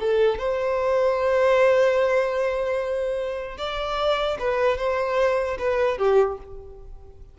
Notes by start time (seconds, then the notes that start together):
0.00 A4
0.39 C5
3.58 D5
4.40 B4
4.78 C5
5.59 B4
5.98 G4